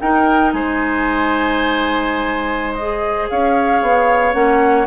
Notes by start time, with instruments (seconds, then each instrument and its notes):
0.00 bassoon D#4, clarinet D#4, oboe A#4, flute G5
0.53 bassoon G#3, oboe C5, flute G#5
2.74 clarinet G#4, flute D#5
3.29 bassoon C#4, oboe C#5, flute F5
3.82 bassoon B3
4.34 bassoon A#3, clarinet C#4, flute F#5